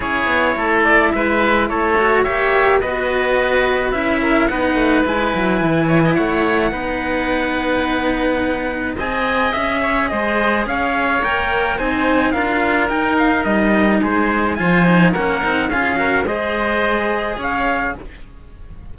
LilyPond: <<
  \new Staff \with { instrumentName = "trumpet" } { \time 4/4 \tempo 4 = 107 cis''4. d''8 e''4 cis''4 | e''4 dis''2 e''4 | fis''4 gis''2 fis''4~ | fis''1 |
gis''4 e''4 dis''4 f''4 | g''4 gis''4 f''4 g''8 f''8 | dis''4 c''4 gis''4 fis''4 | f''4 dis''2 f''4 | }
  \new Staff \with { instrumentName = "oboe" } { \time 4/4 gis'4 a'4 b'4 a'4 | cis''4 b'2~ b'8 ais'8 | b'2~ b'8 cis''16 dis''16 cis''4 | b'1 |
dis''4. cis''8 c''4 cis''4~ | cis''4 c''4 ais'2~ | ais'4 gis'4 c''4 ais'4 | gis'8 ais'8 c''2 cis''4 | }
  \new Staff \with { instrumentName = "cello" } { \time 4/4 e'2.~ e'8 fis'8 | g'4 fis'2 e'4 | dis'4 e'2. | dis'1 |
gis'1 | ais'4 dis'4 f'4 dis'4~ | dis'2 f'8 dis'8 cis'8 dis'8 | f'8 fis'8 gis'2. | }
  \new Staff \with { instrumentName = "cello" } { \time 4/4 cis'8 b8 a4 gis4 a4 | ais4 b2 cis'4 | b8 a8 gis8 fis8 e4 a4 | b1 |
c'4 cis'4 gis4 cis'4 | ais4 c'4 d'4 dis'4 | g4 gis4 f4 ais8 c'8 | cis'4 gis2 cis'4 | }
>>